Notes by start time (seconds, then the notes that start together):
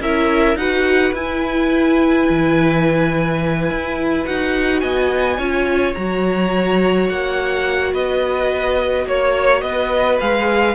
0.00 C#4 E4 A#4 E5
0.55 D#4 F#4 B4 F#5
1.13 E4 G#5
2.29 E3
3.70 E4
4.25 D#4 F#4 F#5
4.81 B3 D#5 G#5
5.37 C#4 F4 C#5
5.94 F#3 F#4 A#5
7.09 A#3 F#5
7.93 B3 B4 D#5
9.06 A#3 C#5
9.61 B3 B4 D#5
10.20 G#3 G#4 F5